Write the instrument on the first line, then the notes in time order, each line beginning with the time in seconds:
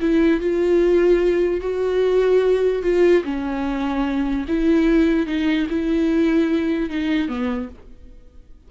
viola
0.00 E4
0.40 F4
1.60 F#4
2.82 F4
3.24 C#4
4.48 E4
5.26 D#4
5.69 E4
6.89 D#4
7.28 B3